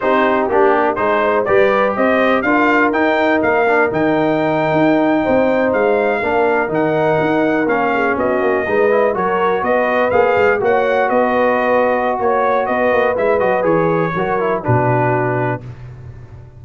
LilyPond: <<
  \new Staff \with { instrumentName = "trumpet" } { \time 4/4 \tempo 4 = 123 c''4 g'4 c''4 d''4 | dis''4 f''4 g''4 f''4 | g''2.~ g''8. f''16~ | f''4.~ f''16 fis''2 f''16~ |
f''8. dis''2 cis''4 dis''16~ | dis''8. f''4 fis''4 dis''4~ dis''16~ | dis''4 cis''4 dis''4 e''8 dis''8 | cis''2 b'2 | }
  \new Staff \with { instrumentName = "horn" } { \time 4/4 g'2 gis'8 c''8 b'4 | c''4 ais'2.~ | ais'2~ ais'8. c''4~ c''16~ | c''8. ais'2.~ ais'16~ |
ais'16 gis'8 fis'4 b'4 ais'4 b'16~ | b'4.~ b'16 cis''4 b'4~ b'16~ | b'4 cis''4 b'2~ | b'4 ais'4 fis'2 | }
  \new Staff \with { instrumentName = "trombone" } { \time 4/4 dis'4 d'4 dis'4 g'4~ | g'4 f'4 dis'4. d'8 | dis'1~ | dis'8. d'4 dis'2 cis'16~ |
cis'4.~ cis'16 dis'8 e'8 fis'4~ fis'16~ | fis'8. gis'4 fis'2~ fis'16~ | fis'2. e'8 fis'8 | gis'4 fis'8 e'8 d'2 | }
  \new Staff \with { instrumentName = "tuba" } { \time 4/4 c'4 ais4 gis4 g4 | c'4 d'4 dis'4 ais4 | dis4.~ dis16 dis'4 c'4 gis16~ | gis8. ais4 dis4 dis'4 ais16~ |
ais8. b8 ais8 gis4 fis4 b16~ | b8. ais8 gis8 ais4 b4~ b16~ | b4 ais4 b8 ais8 gis8 fis8 | e4 fis4 b,2 | }
>>